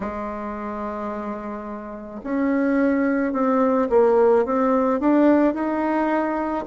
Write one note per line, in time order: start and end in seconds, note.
0.00 2.21 G#3
2.23 3.32 C#4
3.32 3.88 C4
3.89 4.44 A#3
4.44 4.99 C4
4.99 5.54 D4
5.54 6.65 D#4